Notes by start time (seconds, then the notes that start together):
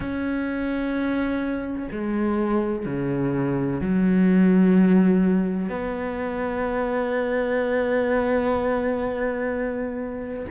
0.00 C#4
1.91 G#3
2.85 C#3
3.81 F#3
5.69 B3